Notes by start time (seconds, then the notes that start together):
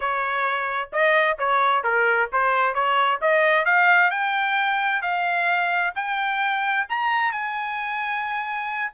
0.00 C#5
0.92 D#5
1.38 C#5
1.83 A#4
2.32 C5
2.74 C#5
3.21 D#5
3.65 F5
4.10 G5
5.02 F5
5.95 G5
6.89 A#5
7.32 G#5